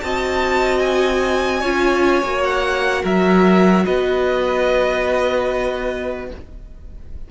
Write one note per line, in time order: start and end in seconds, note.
0.00 1.63 C4
0.00 1.63 F#4
0.00 1.60 D#5
0.00 0.79 A5
0.79 2.41 G#5
1.60 2.22 C#4
1.60 2.24 F4
1.60 3.02 C#5
2.22 3.03 A#3
2.22 6.29 F#4
2.44 3.04 F#5
3.03 3.85 F#3
3.03 3.84 A#4
3.03 3.85 E5
3.85 6.30 B3
3.85 6.28 B4
3.85 6.28 D#5